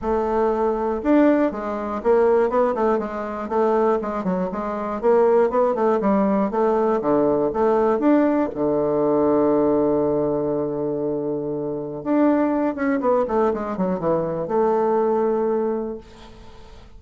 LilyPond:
\new Staff \with { instrumentName = "bassoon" } { \time 4/4 \tempo 4 = 120 a2 d'4 gis4 | ais4 b8 a8 gis4 a4 | gis8 fis8 gis4 ais4 b8 a8 | g4 a4 d4 a4 |
d'4 d2.~ | d1 | d'4. cis'8 b8 a8 gis8 fis8 | e4 a2. | }